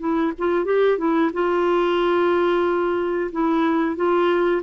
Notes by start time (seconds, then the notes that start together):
0.00 E4
0.39 F4
0.65 G4
0.98 E4
1.34 F4
3.32 E4
3.97 F4